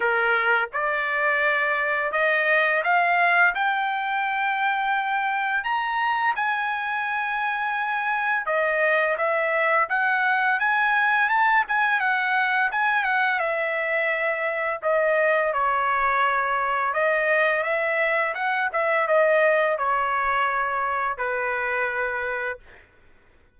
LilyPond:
\new Staff \with { instrumentName = "trumpet" } { \time 4/4 \tempo 4 = 85 ais'4 d''2 dis''4 | f''4 g''2. | ais''4 gis''2. | dis''4 e''4 fis''4 gis''4 |
a''8 gis''8 fis''4 gis''8 fis''8 e''4~ | e''4 dis''4 cis''2 | dis''4 e''4 fis''8 e''8 dis''4 | cis''2 b'2 | }